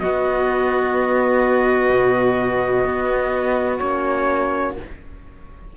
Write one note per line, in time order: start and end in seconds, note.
0.00 3.81 B3
0.00 1.90 B3
0.00 4.77 F#4
0.00 3.79 D#5
1.90 2.85 B2
2.85 3.80 B3
3.79 4.77 A#3
3.79 4.76 C#4
3.79 4.74 C#5